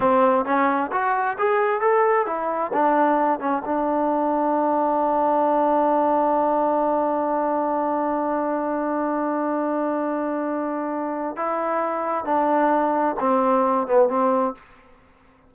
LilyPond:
\new Staff \with { instrumentName = "trombone" } { \time 4/4 \tempo 4 = 132 c'4 cis'4 fis'4 gis'4 | a'4 e'4 d'4. cis'8 | d'1~ | d'1~ |
d'1~ | d'1~ | d'4 e'2 d'4~ | d'4 c'4. b8 c'4 | }